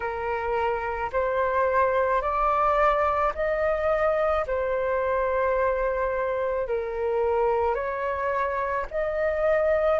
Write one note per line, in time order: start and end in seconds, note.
0.00 1.10 A#4
1.12 2.21 C5
2.21 3.32 D5
3.34 4.45 D#5
4.46 6.67 C5
6.67 7.74 A#4
7.74 8.85 C#5
8.90 9.99 D#5